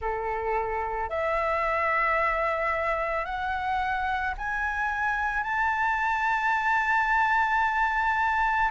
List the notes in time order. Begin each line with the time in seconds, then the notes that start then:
0.00 A4
1.09 E5
3.25 F#5
4.37 G#5
5.43 A5